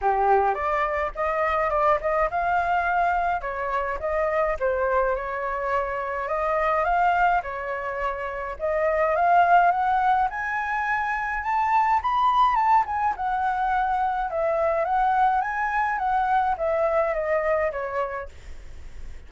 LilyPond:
\new Staff \with { instrumentName = "flute" } { \time 4/4 \tempo 4 = 105 g'4 d''4 dis''4 d''8 dis''8 | f''2 cis''4 dis''4 | c''4 cis''2 dis''4 | f''4 cis''2 dis''4 |
f''4 fis''4 gis''2 | a''4 b''4 a''8 gis''8 fis''4~ | fis''4 e''4 fis''4 gis''4 | fis''4 e''4 dis''4 cis''4 | }